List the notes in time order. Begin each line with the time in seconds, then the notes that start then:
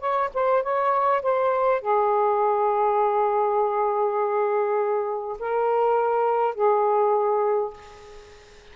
0.00 C#5
0.34 C5
0.62 C#5
1.22 C5
1.81 G#4
5.39 A#4
6.55 G#4